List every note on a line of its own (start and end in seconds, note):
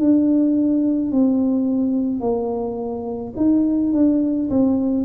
0.00 1.12 D4
1.12 2.21 C4
2.21 3.34 A#3
3.37 3.93 D#4
3.93 4.50 D4
4.50 5.05 C4